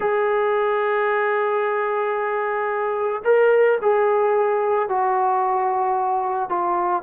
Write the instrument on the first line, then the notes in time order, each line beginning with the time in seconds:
trombone
0.00 G#4
3.24 A#4
3.81 G#4
4.88 F#4
6.49 F4